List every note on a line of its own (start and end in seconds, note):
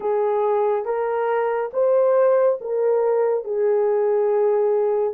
0.00 0.85 G#4
0.85 1.71 A#4
1.73 2.59 C5
2.61 3.44 A#4
3.44 5.13 G#4